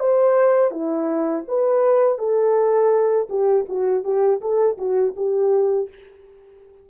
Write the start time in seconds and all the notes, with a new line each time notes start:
0.00 C5
0.71 E4
1.48 B4
2.18 A4
3.29 G4
3.69 F#4
4.04 G4
4.41 A4
4.78 F#4
5.16 G4